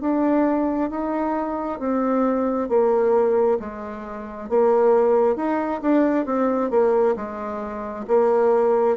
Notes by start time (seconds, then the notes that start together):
0.00 D4
0.90 D#4
1.79 C4
2.68 A#3
3.59 G#3
4.49 A#3
5.35 D#4
5.81 D4
6.25 C4
6.70 A#3
7.16 G#3
8.07 A#3